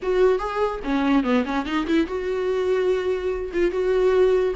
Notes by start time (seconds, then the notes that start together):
0.02 F#4
0.38 G#4
0.84 C#4
1.23 B3
1.45 C#4
1.65 D#4
1.86 E4
2.06 F#4
3.53 F4
3.71 F#4